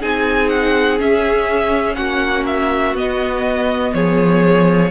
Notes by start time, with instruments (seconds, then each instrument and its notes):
0.00 cello C4, viola D#4, violin G#4 G#5
0.49 violin F#5
0.99 viola C#4, cello C#4, violin E5
1.95 cello A#3, violin F#4 F#5
2.46 violin E5
2.94 cello B3, viola B3, violin D#5
3.94 cello F3, violin G#4 C#5